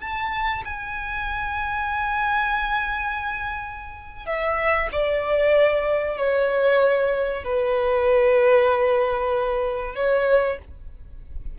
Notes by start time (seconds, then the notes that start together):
0.00 A5
0.65 G#5
4.26 E5
4.92 D5
6.18 C#5
7.44 B4
9.95 C#5